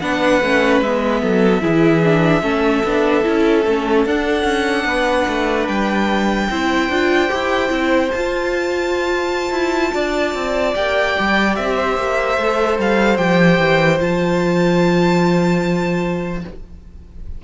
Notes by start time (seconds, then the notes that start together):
0.00 B3 D4 B4 F#5
0.42 A3 C#4
0.82 G#3 B3 E5
1.22 F#3 A4
1.62 E3 E4 G#4
2.04 D4
2.42 A3 C#4 A4
2.84 B3 D4
3.24 C#4 E4
3.66 A3 C#4
4.06 D4 F#5
4.44 C#4
4.85 B3 B4
5.28 A3
5.68 G3 G5
6.51 C4 E4 C5
6.90 D4 F4
7.29 E4 G4
7.69 C4 E4
8.11 F4 A5
9.52 E4
9.94 D4 D5
10.35 C4
10.75 A#3 G4 G5
11.20 G3
11.56 C4 E5
11.76 C5
11.98 A#3
12.38 A3 A4
12.79 G3 F5
13.18 F3 G4 G5
13.59 E3
13.99 F3 F4 A5